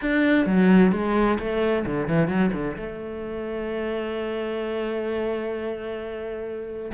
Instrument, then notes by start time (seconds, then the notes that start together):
cello
0.01 D4
0.46 F#3
0.92 G#3
1.39 A3
1.85 D3
2.08 E3
2.27 F#3
2.53 D3
2.76 A3